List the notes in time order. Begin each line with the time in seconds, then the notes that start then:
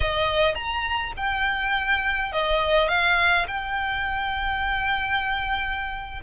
0.00 D#5
0.55 A#5
1.16 G5
2.32 D#5
2.88 F5
3.47 G5